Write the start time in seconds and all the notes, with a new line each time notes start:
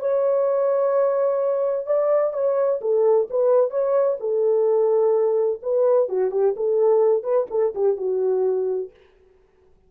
0.00 C#5
1.87 D5
2.33 C#5
2.81 A4
3.30 B4
3.71 C#5
4.20 A4
5.63 B4
6.09 F#4
6.32 G4
6.57 A4
7.23 B4
7.51 A4
7.75 G4
7.97 F#4